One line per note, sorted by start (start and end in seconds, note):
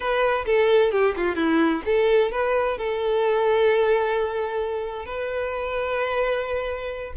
0.00 0.45 B4
0.45 0.91 A4
0.91 1.14 G4
1.16 1.35 F4
1.35 1.81 E4
1.85 2.31 A4
2.31 2.77 B4
2.78 5.05 A4
5.05 7.13 B4